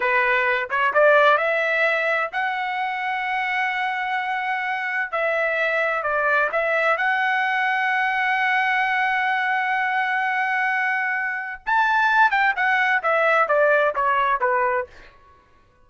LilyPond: \new Staff \with { instrumentName = "trumpet" } { \time 4/4 \tempo 4 = 129 b'4. cis''8 d''4 e''4~ | e''4 fis''2.~ | fis''2. e''4~ | e''4 d''4 e''4 fis''4~ |
fis''1~ | fis''1~ | fis''4 a''4. g''8 fis''4 | e''4 d''4 cis''4 b'4 | }